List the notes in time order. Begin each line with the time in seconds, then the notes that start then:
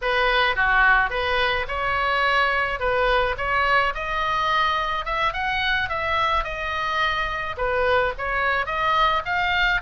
0.01 B4
0.55 F#4
1.10 B4
1.68 C#5
2.79 B4
3.37 C#5
3.94 D#5
5.05 E5
5.33 F#5
5.89 E5
6.44 D#5
7.57 B4
8.18 C#5
8.65 D#5
9.25 F5